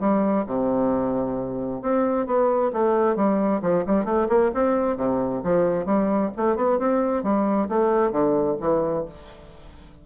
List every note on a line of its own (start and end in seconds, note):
0.00 0.45 G3
0.47 1.82 C3
1.82 2.26 C4
2.26 2.71 B3
2.73 3.16 A3
3.16 3.61 G3
3.62 3.84 F3
3.87 4.05 G3
4.05 4.28 A3
4.29 4.52 A#3
4.54 4.97 C4
4.97 5.42 C3
5.44 5.86 F3
5.86 6.31 G3
6.37 6.56 A3
6.56 6.79 B3
6.79 7.23 C4
7.23 7.69 G3
7.69 8.12 A3
8.12 8.57 D3
8.60 9.05 E3